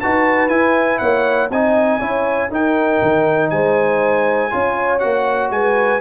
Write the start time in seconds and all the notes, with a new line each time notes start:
0.00 D#4 F#4 B4 A5
0.49 E4 G#5
0.98 A#3 C#5 F#5
1.50 C4 D#4 D#5 G#5
1.99 C#4 E4 C#5
2.50 D#4 A#4 G5
3.02 D#3
3.50 G#3 C5 G#5
4.51 C#4 F4 C#5
4.99 A#3 F#4 F#5
5.50 G#3 B4 G#5